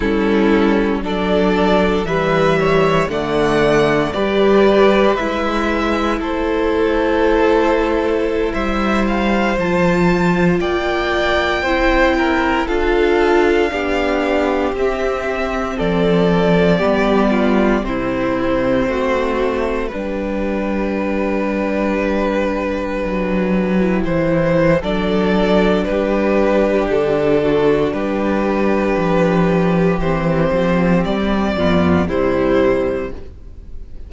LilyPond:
<<
  \new Staff \with { instrumentName = "violin" } { \time 4/4 \tempo 4 = 58 a'4 d''4 e''4 fis''4 | d''4 e''4 c''2~ | c''16 e''8 f''8 a''4 g''4.~ g''16~ | g''16 f''2 e''4 d''8.~ |
d''4~ d''16 c''2 b'8.~ | b'2.~ b'16 c''8. | d''4 b'4 a'4 b'4~ | b'4 c''4 d''4 c''4 | }
  \new Staff \with { instrumentName = "violin" } { \time 4/4 e'4 a'4 b'8 cis''8 d''4 | b'2 a'2~ | a'16 c''2 d''4 c''8 ais'16~ | ais'16 a'4 g'2 a'8.~ |
a'16 g'8 f'8 e'4 fis'4 g'8.~ | g'1 | a'4 g'4. fis'8 g'4~ | g'2~ g'8 f'8 e'4 | }
  \new Staff \with { instrumentName = "viola" } { \time 4/4 cis'4 d'4 g4 a4 | g'4 e'2.~ | e'4~ e'16 f'2 e'8.~ | e'16 f'4 d'4 c'4.~ c'16~ |
c'16 b4 c'2 d'8.~ | d'2. e'4 | d'1~ | d'4 c'4. b8 g4 | }
  \new Staff \with { instrumentName = "cello" } { \time 4/4 g4 fis4 e4 d4 | g4 gis4 a2~ | a16 g4 f4 ais4 c'8.~ | c'16 d'4 b4 c'4 f8.~ |
f16 g4 c4 a4 g8.~ | g2~ g16 fis4 e8. | fis4 g4 d4 g4 | f4 e8 f8 g8 f,8 c4 | }
>>